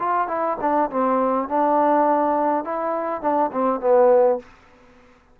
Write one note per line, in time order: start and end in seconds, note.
0.00 0.28 F4
0.28 0.57 E4
0.61 0.90 D4
0.91 1.49 C4
1.49 2.65 D4
2.65 3.22 E4
3.22 3.51 D4
3.52 3.81 C4
3.81 4.40 B3